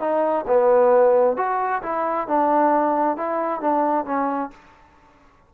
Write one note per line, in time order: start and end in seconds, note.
0.00 0.45 D#4
0.47 1.37 B3
1.37 1.82 F#4
1.83 2.28 E4
2.28 3.17 D4
3.17 3.61 E4
3.61 4.05 D4
4.05 4.50 C#4